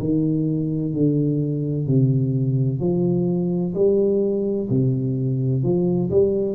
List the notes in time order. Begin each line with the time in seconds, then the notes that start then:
0.00 D#3
0.94 D3
1.87 C3
2.80 F3
3.75 G3
4.70 C3
5.63 F3
6.11 G3